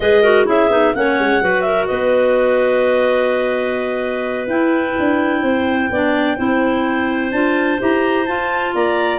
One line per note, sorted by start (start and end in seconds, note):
0.00 0.47 G#3
0.00 0.23 G#4
0.00 0.22 B4
0.00 0.46 D#5
0.22 0.45 F#4
0.22 0.45 A#4
0.45 0.69 C#4
0.45 0.69 E4
0.45 0.94 G#4
0.45 0.94 E5
0.69 0.92 B3
0.69 0.93 D#4
0.94 1.19 A#3
0.94 1.41 C#4
0.94 1.43 C#5
0.94 1.61 F#5
1.19 1.41 G#3
1.41 1.88 F#3
1.41 4.48 F#4
1.41 1.66 B4
1.61 1.88 A#4
1.61 1.85 E5
1.86 4.47 B3
1.86 5.42 B4
1.86 4.46 D#5
4.47 4.95 E4
4.47 5.90 E4
4.47 7.31 G5
4.99 5.42 D4
5.42 5.89 C4
5.42 5.89 C5
5.90 6.37 B3
5.90 6.37 D4
5.90 6.36 D5
6.36 7.32 C4
6.36 7.31 E4
6.36 8.72 C5
7.31 7.79 D4
7.31 7.78 F4
7.31 7.79 A5
7.78 8.28 E4
7.78 8.25 G4
7.78 8.26 A#5
8.26 9.19 F4
8.26 8.74 F4
8.26 8.73 A5
8.74 9.19 A#3
8.74 9.19 D5
8.74 9.19 A#5